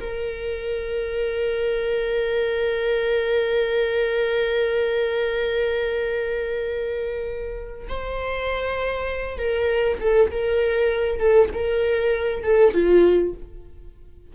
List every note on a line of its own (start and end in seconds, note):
0.00 7.88 A#4
7.89 9.38 C5
9.38 9.99 A#4
10.01 10.31 A4
10.31 11.19 A#4
11.19 11.49 A4
11.54 12.43 A#4
12.43 12.74 A4
12.74 13.34 F4